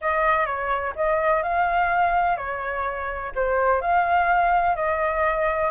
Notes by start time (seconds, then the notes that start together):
0.01 D#5
0.45 C#5
0.95 D#5
1.42 F5
2.36 C#5
3.35 C5
3.81 F5
4.75 D#5